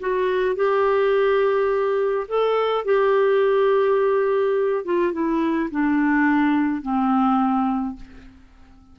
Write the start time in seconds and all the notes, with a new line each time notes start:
0.00 F#4
0.56 G4
2.28 A4
2.85 G4
4.85 F4
5.13 E4
5.71 D4
6.82 C4